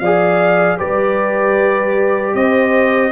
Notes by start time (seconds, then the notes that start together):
0.00 F3 G#4 D5 F5
0.78 G3 G4 B4 D5
2.34 C4 C5 D#5